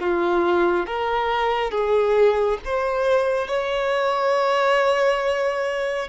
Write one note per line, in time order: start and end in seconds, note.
0.00 0.87 F4
0.87 1.72 A#4
1.72 2.58 G#4
2.65 3.48 C5
3.48 6.09 C#5